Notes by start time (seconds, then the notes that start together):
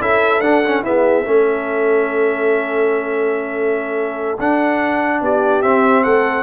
0.00 C#4 E4 A4 E5
0.39 D4 F#5
0.65 C#4
0.82 B3 E4 G#4 E5
1.25 A3 C#4 A4
4.38 D4 F#5
5.21 B3 G4 D5
5.62 C4 E5
6.03 A3 A4 F#5